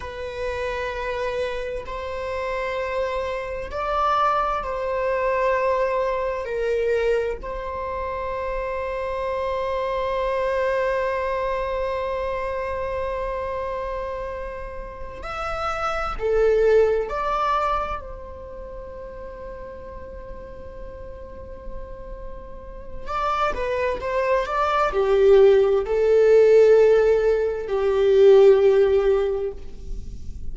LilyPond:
\new Staff \with { instrumentName = "viola" } { \time 4/4 \tempo 4 = 65 b'2 c''2 | d''4 c''2 ais'4 | c''1~ | c''1~ |
c''8 e''4 a'4 d''4 c''8~ | c''1~ | c''4 d''8 b'8 c''8 d''8 g'4 | a'2 g'2 | }